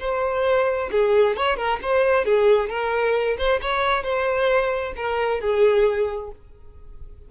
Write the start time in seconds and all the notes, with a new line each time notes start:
0.00 C5
0.92 G#4
1.37 C#5
1.57 A#4
1.83 C5
2.26 G#4
2.70 A#4
3.38 C5
3.62 C#5
4.04 C5
4.97 A#4
5.41 G#4